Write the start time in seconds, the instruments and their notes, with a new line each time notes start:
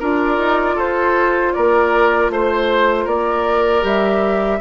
0.00 bassoon D4, clarinet F4, oboe A#4, flute D5
0.38 bassoon D#4
0.75 bassoon F4, oboe A4, flute C5
1.53 bassoon A#3, oboe A#4, flute D5
2.30 bassoon A3, oboe C5, flute C5
3.04 bassoon A#3, oboe A#4, flute D5
3.82 bassoon G3, clarinet G4, flute E5